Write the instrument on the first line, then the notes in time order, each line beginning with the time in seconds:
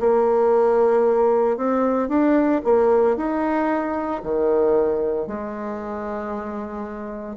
bassoon
0.00 A#3
1.57 C4
2.09 D4
2.65 A#3
3.17 D#4
4.23 D#3
5.27 G#3